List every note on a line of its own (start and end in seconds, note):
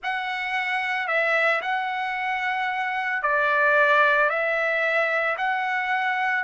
0.03 1.07 F#5
1.07 1.61 E5
1.61 3.22 F#5
3.22 4.29 D5
4.29 5.36 E5
5.37 6.44 F#5